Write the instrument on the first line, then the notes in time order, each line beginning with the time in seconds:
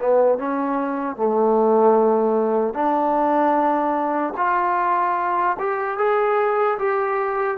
trombone
0.00 B3
0.39 C#4
1.17 A3
2.74 D4
4.37 F4
5.59 G4
5.98 G#4
6.79 G4